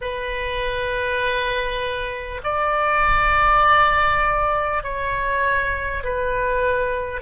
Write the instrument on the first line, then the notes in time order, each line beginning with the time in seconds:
oboe
0.01 B4
2.43 D5
4.83 C#5
6.03 B4